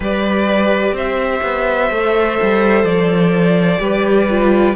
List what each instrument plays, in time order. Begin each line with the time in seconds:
0.00 cello G3, viola G4, violin B4 D5
0.92 cello C4, violin C5 E5
1.42 cello B3
1.90 cello A3, viola A4
2.41 cello G3
2.83 cello F3, violin D5
3.78 cello G3, viola G4, violin B4
4.30 viola F4